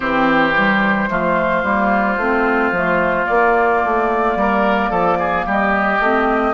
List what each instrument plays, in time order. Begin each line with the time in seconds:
0.00 bassoon E3, clarinet C4, oboe G4, flute C5
0.55 clarinet G3
1.09 bassoon F3, clarinet A3, oboe F4
1.63 bassoon G3, clarinet A#3
2.17 bassoon A3, clarinet C4
2.71 bassoon F3, clarinet A3
3.25 clarinet A#3, bassoon A#3, flute D5
3.84 bassoon A3
4.35 bassoon G3, oboe A#4
4.90 bassoon F3, oboe A4
5.19 oboe G#4
5.45 bassoon G3, oboe G4, flute D#5
5.99 bassoon A3, clarinet C4